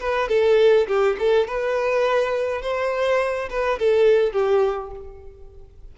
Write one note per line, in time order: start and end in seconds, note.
0.00 0.29 B4
0.29 0.87 A4
0.88 1.17 G4
1.19 1.48 A4
1.48 2.62 B4
2.62 3.49 C5
3.50 3.79 B4
3.79 4.33 A4
4.33 4.91 G4